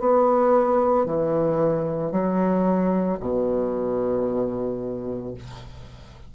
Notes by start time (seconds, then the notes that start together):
0.00 B3
1.06 E3
2.12 F#3
3.20 B2